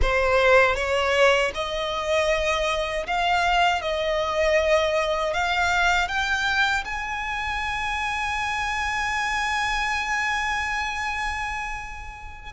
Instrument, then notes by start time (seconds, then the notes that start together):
violin
0.01 C5
0.75 C#5
1.54 D#5
3.06 F5
3.81 D#5
5.33 F5
6.08 G5
6.84 G#5